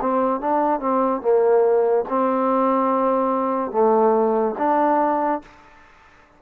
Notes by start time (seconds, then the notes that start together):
0.00 C4
0.41 D4
0.80 C4
1.21 A#3
2.08 C4
3.71 A3
4.58 D4